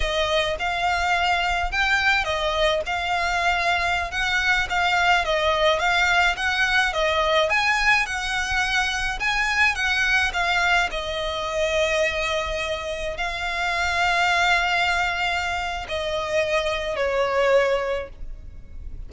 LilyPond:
\new Staff \with { instrumentName = "violin" } { \time 4/4 \tempo 4 = 106 dis''4 f''2 g''4 | dis''4 f''2~ f''16 fis''8.~ | fis''16 f''4 dis''4 f''4 fis''8.~ | fis''16 dis''4 gis''4 fis''4.~ fis''16~ |
fis''16 gis''4 fis''4 f''4 dis''8.~ | dis''2.~ dis''16 f''8.~ | f''1 | dis''2 cis''2 | }